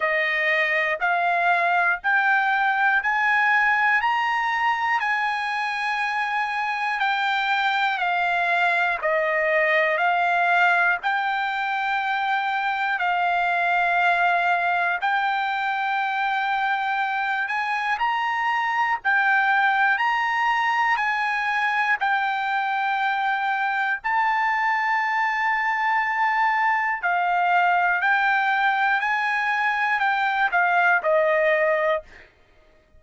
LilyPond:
\new Staff \with { instrumentName = "trumpet" } { \time 4/4 \tempo 4 = 60 dis''4 f''4 g''4 gis''4 | ais''4 gis''2 g''4 | f''4 dis''4 f''4 g''4~ | g''4 f''2 g''4~ |
g''4. gis''8 ais''4 g''4 | ais''4 gis''4 g''2 | a''2. f''4 | g''4 gis''4 g''8 f''8 dis''4 | }